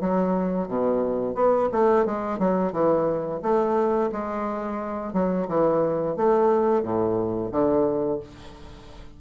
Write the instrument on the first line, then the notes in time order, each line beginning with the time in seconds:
bassoon
0.00 F#3
0.68 B2
1.35 B3
1.72 A3
2.05 G#3
2.38 F#3
2.72 E3
3.42 A3
4.12 G#3
5.13 F#3
5.48 E3
6.16 A3
6.82 A2
7.51 D3